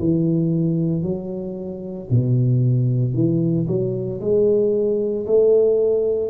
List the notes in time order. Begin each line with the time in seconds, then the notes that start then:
0.00 E3
1.03 F#3
2.11 B2
3.14 E3
3.68 F#3
4.21 G#3
5.27 A3